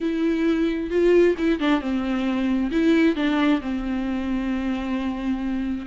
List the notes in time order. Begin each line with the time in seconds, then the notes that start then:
0.00 E4
0.90 F4
1.38 E4
1.59 D4
1.80 C4
2.71 E4
3.15 D4
3.61 C4